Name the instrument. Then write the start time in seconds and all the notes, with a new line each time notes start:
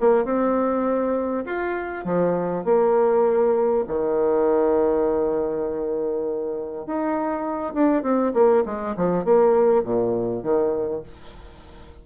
bassoon
0.00 A#3
0.25 C4
1.45 F4
2.04 F3
2.65 A#3
3.87 D#3
6.86 D#4
7.74 D4
8.03 C4
8.34 A#3
8.65 G#3
8.96 F3
9.25 A#3
9.83 A#2
10.43 D#3